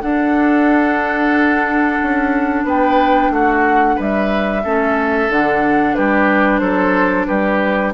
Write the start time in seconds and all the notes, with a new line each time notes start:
0.00 D4 A4 F#5
2.02 C#4
2.63 B3 B4 G5
3.30 A3 F#4 F#5
3.95 G3 B4 E5
4.63 A3 C#4 A4
5.29 D3 D4 F#5
5.94 G3 G4 B4
6.59 F#3 A4 C5
7.26 G3 G4 B4